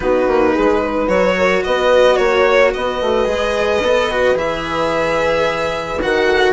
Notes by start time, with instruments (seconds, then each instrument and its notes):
0.00 bassoon B3, cello D#4, horn F#4, violin B4
0.27 bassoon A#3
0.54 bassoon G#3, horn G#4
0.82 horn B4
1.07 bassoon F#3, cello F#4, violin C#5
1.37 horn A#4
1.64 bassoon B3, horn B4, violin D#5
2.16 bassoon A#3, violin C#5, horn C#5
2.73 bassoon B3, horn B4, violin D#5
3.01 bassoon A3
3.25 bassoon G#3, cello G#4
3.81 bassoon B3, cello A4
4.10 cello F#4
4.34 bassoon E3, cello G#4, violin E5
6.01 bassoon D#3, cello F#4, violin F#5
6.25 horn A4